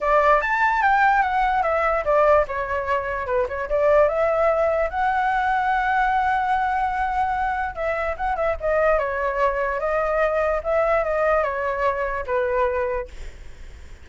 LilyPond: \new Staff \with { instrumentName = "flute" } { \time 4/4 \tempo 4 = 147 d''4 a''4 g''4 fis''4 | e''4 d''4 cis''2 | b'8 cis''8 d''4 e''2 | fis''1~ |
fis''2. e''4 | fis''8 e''8 dis''4 cis''2 | dis''2 e''4 dis''4 | cis''2 b'2 | }